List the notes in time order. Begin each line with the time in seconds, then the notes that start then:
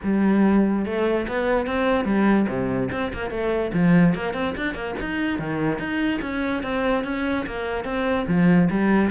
0.03 G3
0.85 A3
1.28 B3
1.66 C4
2.04 G3
2.48 C3
2.91 C4
3.13 A#3
3.30 A3
3.73 F3
4.14 A#3
4.33 C4
4.56 D4
4.74 A#3
5.00 D#4
5.38 D#3
5.78 D#4
6.21 C#4
6.62 C4
7.04 C#4
7.46 A#3
7.84 C4
8.27 F3
8.70 G3